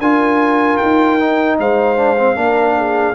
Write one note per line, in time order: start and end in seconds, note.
0.00 0.79 D4
0.00 1.20 F4
0.00 1.60 A#4
0.00 0.77 G#5
0.77 1.59 D#4
0.77 1.56 G5
1.20 1.97 D#4
1.59 2.37 G#3
1.59 2.37 C5
1.59 3.15 F5
1.97 2.17 D4
2.19 2.36 C4
2.36 3.15 A#3
2.36 3.15 D4
2.36 2.77 A#4
2.77 3.15 G#4